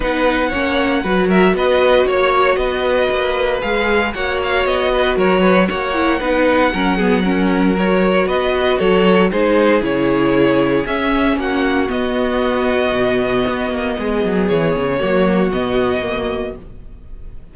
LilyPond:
<<
  \new Staff \with { instrumentName = "violin" } { \time 4/4 \tempo 4 = 116 fis''2~ fis''8 e''8 dis''4 | cis''4 dis''2 f''4 | fis''8 f''8 dis''4 cis''4 fis''4~ | fis''2. cis''4 |
dis''4 cis''4 c''4 cis''4~ | cis''4 e''4 fis''4 dis''4~ | dis''1 | cis''2 dis''2 | }
  \new Staff \with { instrumentName = "violin" } { \time 4/4 b'4 cis''4 b'8 ais'8 b'4 | cis''4 b'2. | cis''4. b'8 ais'8 b'8 cis''4 | b'4 ais'8 gis'8 ais'2 |
b'4 a'4 gis'2~ | gis'2 fis'2~ | fis'2. gis'4~ | gis'4 fis'2. | }
  \new Staff \with { instrumentName = "viola" } { \time 4/4 dis'4 cis'4 fis'2~ | fis'2. gis'4 | fis'2.~ fis'8 e'8 | dis'4 cis'8 b8 cis'4 fis'4~ |
fis'2 dis'4 e'4~ | e'4 cis'2 b4~ | b1~ | b4 ais4 b4 ais4 | }
  \new Staff \with { instrumentName = "cello" } { \time 4/4 b4 ais4 fis4 b4 | ais4 b4 ais4 gis4 | ais4 b4 fis4 ais4 | b4 fis2. |
b4 fis4 gis4 cis4~ | cis4 cis'4 ais4 b4~ | b4 b,4 b8 ais8 gis8 fis8 | e8 cis8 fis4 b,2 | }
>>